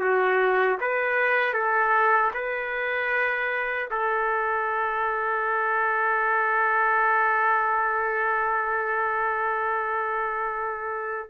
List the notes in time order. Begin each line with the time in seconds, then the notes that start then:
0.00 F#4
0.80 B4
1.53 A4
2.33 B4
3.90 A4